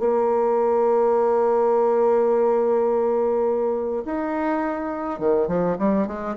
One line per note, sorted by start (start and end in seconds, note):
0.00 4.04 A#3
4.05 5.19 D#4
5.19 5.48 D#3
5.48 5.77 F3
5.79 6.07 G3
6.07 6.36 G#3